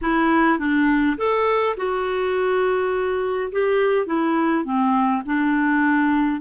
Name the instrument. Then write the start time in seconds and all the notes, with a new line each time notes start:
clarinet
0.01 E4
0.58 D4
1.17 A4
1.77 F#4
3.52 G4
4.06 E4
4.64 C4
5.25 D4